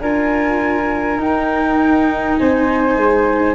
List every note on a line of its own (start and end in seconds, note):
0.00 1.17 D4
0.00 1.18 F4
0.00 2.38 A#4
0.00 1.20 G#5
1.17 2.36 D#4
1.17 3.54 D#4
1.17 2.37 G5
2.37 2.96 C4
2.37 3.54 C5
2.37 3.54 G#5
2.96 3.54 G#3